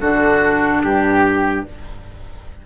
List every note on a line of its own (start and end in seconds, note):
0.00 0.83 D3
0.00 1.65 D4
0.00 0.82 F#4
0.00 0.82 A4
0.83 1.65 G2
0.83 1.65 G4